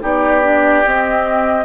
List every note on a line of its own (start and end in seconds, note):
0.00 0.84 B3
0.00 0.41 D#4
0.00 1.64 G4
0.00 0.85 D5
0.42 0.83 D4
0.85 1.64 C4
0.85 1.64 D#5